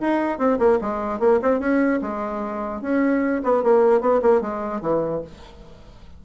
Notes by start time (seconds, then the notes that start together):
0.00 D#4
0.38 C4
0.58 A#3
0.81 G#3
1.19 A#3
1.42 C4
1.59 C#4
2.01 G#3
2.81 C#4
3.43 B3
3.63 A#3
4.00 B3
4.22 A#3
4.41 G#3
4.81 E3